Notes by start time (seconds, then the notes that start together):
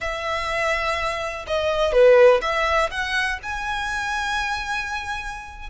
0.00 E5
1.47 D#5
1.92 B4
2.41 E5
2.90 F#5
3.42 G#5